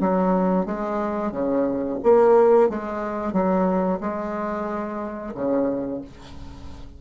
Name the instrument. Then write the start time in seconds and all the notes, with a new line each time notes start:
bassoon
0.00 F#3
0.66 G#3
1.32 C#3
2.03 A#3
2.69 G#3
3.33 F#3
4.00 G#3
5.35 C#3